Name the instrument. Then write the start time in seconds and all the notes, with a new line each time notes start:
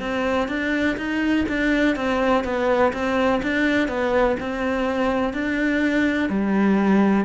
cello
0.00 C4
0.48 D4
0.97 D#4
1.49 D4
1.96 C4
2.44 B3
2.93 C4
3.43 D4
3.88 B3
4.39 C4
5.34 D4
6.29 G3